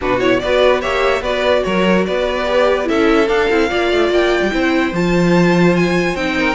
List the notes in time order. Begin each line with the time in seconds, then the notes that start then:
0.01 B2 D4 F#4 B4
0.20 E4 C#5
0.39 B3 F#4 B4 D5
0.81 A#3 G4 C#5 E5
1.21 B3 F#4 B4 D5
1.63 F#3 A#4 C#5
2.05 B3 B4 D5
2.44 G4
2.85 C#4 E4 A4 E5
3.27 D4 F5
3.50 C4 E4
3.69 A#3 F4 D5
3.92 A3
4.09 A#3 G5
4.42 G3
4.51 C4 E4 C5
4.92 F3 F4 A5
5.76 G#5
6.14 C4 D#4 G5
6.38 A#4